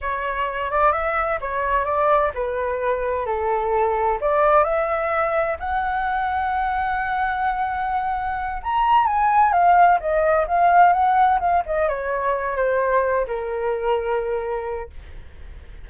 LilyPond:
\new Staff \with { instrumentName = "flute" } { \time 4/4 \tempo 4 = 129 cis''4. d''8 e''4 cis''4 | d''4 b'2 a'4~ | a'4 d''4 e''2 | fis''1~ |
fis''2~ fis''8 ais''4 gis''8~ | gis''8 f''4 dis''4 f''4 fis''8~ | fis''8 f''8 dis''8 cis''4. c''4~ | c''8 ais'2.~ ais'8 | }